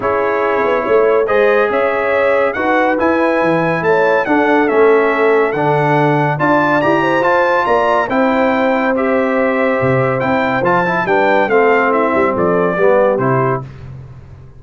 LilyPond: <<
  \new Staff \with { instrumentName = "trumpet" } { \time 4/4 \tempo 4 = 141 cis''2. dis''4 | e''2 fis''4 gis''4~ | gis''4 a''4 fis''4 e''4~ | e''4 fis''2 a''4 |
ais''4 a''4 ais''4 g''4~ | g''4 e''2. | g''4 a''4 g''4 f''4 | e''4 d''2 c''4 | }
  \new Staff \with { instrumentName = "horn" } { \time 4/4 gis'2 cis''4 c''4 | cis''2 b'2~ | b'4 cis''4 a'2~ | a'2. d''4~ |
d''8 c''4. d''4 c''4~ | c''1~ | c''2 b'4 a'4 | e'4 a'4 g'2 | }
  \new Staff \with { instrumentName = "trombone" } { \time 4/4 e'2. gis'4~ | gis'2 fis'4 e'4~ | e'2 d'4 cis'4~ | cis'4 d'2 f'4 |
g'4 f'2 e'4~ | e'4 g'2. | e'4 f'8 e'8 d'4 c'4~ | c'2 b4 e'4 | }
  \new Staff \with { instrumentName = "tuba" } { \time 4/4 cis'4. b8 a4 gis4 | cis'2 dis'4 e'4 | e4 a4 d'4 a4~ | a4 d2 d'4 |
e'4 f'4 ais4 c'4~ | c'2. c4 | c'4 f4 g4 a4~ | a8 g8 f4 g4 c4 | }
>>